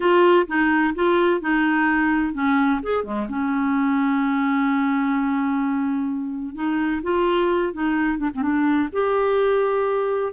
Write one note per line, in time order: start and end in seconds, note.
0.00 0.47 F4
0.47 0.94 D#4
0.94 1.40 F4
1.40 2.33 D#4
2.33 2.80 C#4
2.83 3.04 G#4
3.04 3.27 G#3
3.29 6.55 C#4
6.55 7.01 D#4
7.02 7.73 F4
7.73 8.18 D#4
8.18 8.29 D4
8.34 8.41 C4
8.41 8.88 D4
8.92 10.32 G4